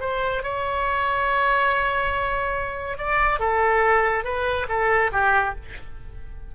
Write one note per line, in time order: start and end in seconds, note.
0.00 0.43 C5
0.43 2.98 C#5
2.98 3.39 D5
3.39 4.24 A4
4.24 4.67 B4
4.68 5.11 A4
5.12 5.55 G4